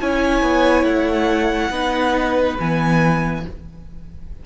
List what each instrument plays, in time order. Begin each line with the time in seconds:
0.00 cello C#4, viola E4, violin C#5 G#5
0.42 cello B3
0.83 cello A3, violin F#5
1.70 cello B3, viola D#4, violin B4
2.59 cello E3, viola B3, violin G#5